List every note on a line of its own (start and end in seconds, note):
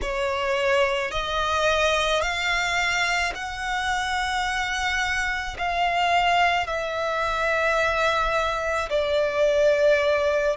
0.01 1.11 C#5
1.11 2.21 D#5
2.21 3.32 F5
3.34 5.57 F#5
5.58 6.67 F5
6.67 8.89 E5
8.89 10.56 D5